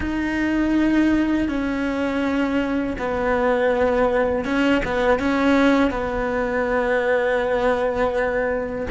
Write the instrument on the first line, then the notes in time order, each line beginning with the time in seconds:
cello
0.00 D#4
1.48 C#4
2.98 B3
4.44 C#4
4.85 B3
5.19 C#4
5.91 B3